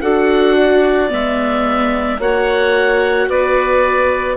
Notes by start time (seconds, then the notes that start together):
0.00 D4 F#4 A4 F#5
0.57 D5
1.08 G#3 B3 E5
2.18 A#3 F#4 C#5 F#5
3.28 B3 B4 D5